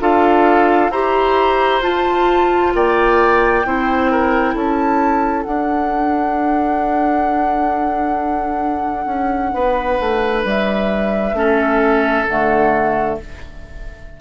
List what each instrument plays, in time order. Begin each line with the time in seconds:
0.00 bassoon D4, clarinet F4, oboe A4, flute F5
0.89 bassoon E4, clarinet G4, oboe C5, flute A#5
1.80 bassoon F4, clarinet F4, flute A5
2.74 bassoon A#3, oboe D5, flute G5
3.65 bassoon C4, clarinet E4, oboe C5
4.11 oboe A#4
4.54 bassoon C#4, oboe A4, flute A5
5.43 clarinet D4, bassoon D4, flute F#5
9.05 bassoon C#4
9.53 bassoon B3, oboe B4
10.00 bassoon A3
10.44 bassoon G3, flute E5
11.33 bassoon A3, clarinet C#4, oboe A4
12.26 bassoon D3, clarinet A3, flute F#5